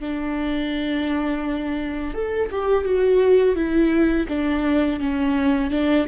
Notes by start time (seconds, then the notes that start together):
0.00 D4
2.14 A4
2.51 G4
2.84 F#4
3.55 E4
4.29 D4
5.00 C#4
5.70 D4